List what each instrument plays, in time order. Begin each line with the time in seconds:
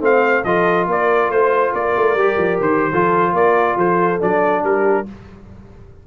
0.00 tuba A3, trombone C4, horn C5, trumpet F5
0.44 tuba F3, trombone F4, horn A4, trumpet D#5
0.87 tuba A#3, horn A#4, trumpet D5
1.29 tuba A3, trumpet C5, horn C5
1.73 tuba A#3, horn A#4, trumpet D5
1.96 tuba A3
2.15 tuba G3, trombone G4
2.37 tuba F3
2.60 tuba D#3, trumpet C5
2.91 tuba F3, trombone F4, horn A4
3.32 tuba A#3, horn A#4, trumpet D5
3.76 tuba F3, horn A4, trumpet C5
4.20 tuba F#3, trombone D4, trumpet D5
4.62 tuba G3, horn G4, trumpet A#4